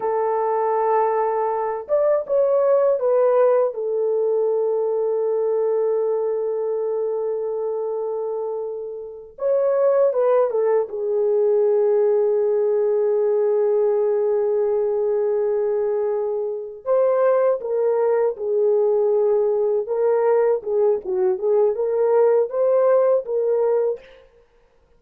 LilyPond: \new Staff \with { instrumentName = "horn" } { \time 4/4 \tempo 4 = 80 a'2~ a'8 d''8 cis''4 | b'4 a'2.~ | a'1~ | a'8 cis''4 b'8 a'8 gis'4.~ |
gis'1~ | gis'2~ gis'8 c''4 ais'8~ | ais'8 gis'2 ais'4 gis'8 | fis'8 gis'8 ais'4 c''4 ais'4 | }